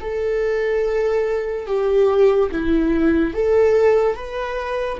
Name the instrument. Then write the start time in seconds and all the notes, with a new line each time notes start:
viola
0.00 A4
1.66 G4
2.51 E4
3.34 A4
4.15 B4